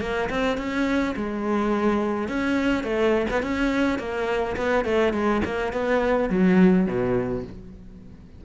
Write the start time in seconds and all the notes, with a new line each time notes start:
0.00 A#3
0.29 C4
0.57 C#4
1.16 G#3
2.28 C#4
2.83 A3
3.30 B3
3.42 C#4
3.98 A#3
4.56 B3
4.85 A3
5.13 G#3
5.44 A#3
5.72 B3
6.29 F#3
6.86 B2